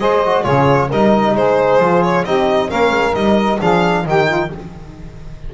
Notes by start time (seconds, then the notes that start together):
0.00 G#3 G#4 C5 D#5
0.26 F#4
0.44 C#3 F4 G#4 C#5
0.89 G3 D#4 A#4 D#5
1.35 G#3 G#4 C5
1.79 F3 F4
2.03 C#5
2.25 C4 D#4 G4 D#5
2.70 A#3 C#4 A#4 F5
2.91 G#3
3.14 G3 D#4 D#5
3.60 F3 D4 G#4 F5
4.05 D#3 D#4 G4 G5
4.28 F4